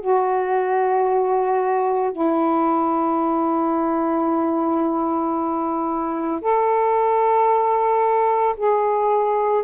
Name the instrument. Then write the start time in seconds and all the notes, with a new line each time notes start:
saxophone
0.00 F#4
2.12 E4
6.41 A4
8.57 G#4